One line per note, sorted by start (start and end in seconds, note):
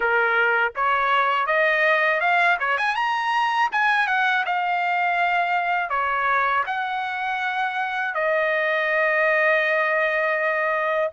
0.00 0.73 A#4
0.75 1.46 C#5
1.46 2.20 D#5
2.20 2.57 F5
2.59 2.77 C#5
2.77 2.95 G#5
2.95 3.69 A#5
3.72 4.07 G#5
4.07 4.44 F#5
4.45 5.89 F5
5.89 6.63 C#5
6.66 8.14 F#5
8.14 11.10 D#5